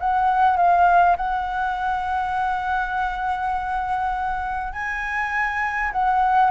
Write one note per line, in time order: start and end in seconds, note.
0.00 0.57 F#5
0.57 1.16 F5
1.17 4.73 F#5
4.73 5.91 G#5
5.92 6.51 F#5